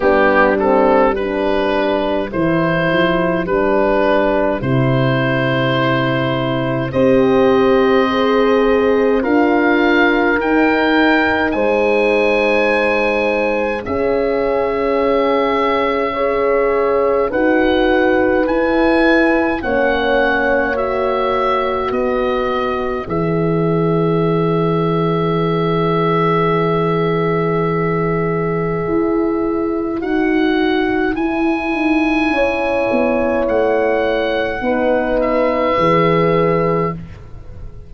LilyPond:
<<
  \new Staff \with { instrumentName = "oboe" } { \time 4/4 \tempo 4 = 52 g'8 a'8 b'4 c''4 b'4 | c''2 dis''2 | f''4 g''4 gis''2 | e''2. fis''4 |
gis''4 fis''4 e''4 dis''4 | e''1~ | e''2 fis''4 gis''4~ | gis''4 fis''4. e''4. | }
  \new Staff \with { instrumentName = "horn" } { \time 4/4 d'4 g'2.~ | g'2 c''2 | ais'2 c''2 | gis'2 cis''4 b'4~ |
b'4 cis''2 b'4~ | b'1~ | b'1 | cis''2 b'2 | }
  \new Staff \with { instrumentName = "horn" } { \time 4/4 b8 c'8 d'4 e'4 d'4 | e'2 g'4 gis'4 | f'4 dis'2. | cis'2 gis'4 fis'4 |
e'4 cis'4 fis'2 | gis'1~ | gis'2 fis'4 e'4~ | e'2 dis'4 gis'4 | }
  \new Staff \with { instrumentName = "tuba" } { \time 4/4 g2 e8 f8 g4 | c2 c'2 | d'4 dis'4 gis2 | cis'2. dis'4 |
e'4 ais2 b4 | e1~ | e4 e'4 dis'4 e'8 dis'8 | cis'8 b8 a4 b4 e4 | }
>>